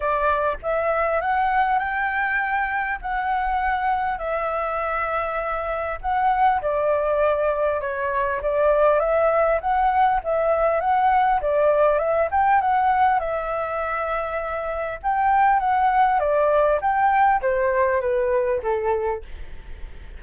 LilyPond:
\new Staff \with { instrumentName = "flute" } { \time 4/4 \tempo 4 = 100 d''4 e''4 fis''4 g''4~ | g''4 fis''2 e''4~ | e''2 fis''4 d''4~ | d''4 cis''4 d''4 e''4 |
fis''4 e''4 fis''4 d''4 | e''8 g''8 fis''4 e''2~ | e''4 g''4 fis''4 d''4 | g''4 c''4 b'4 a'4 | }